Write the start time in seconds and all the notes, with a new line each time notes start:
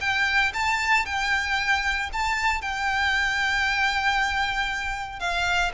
0.00 G5
0.53 A5
1.06 G5
2.12 A5
2.61 G5
5.19 F5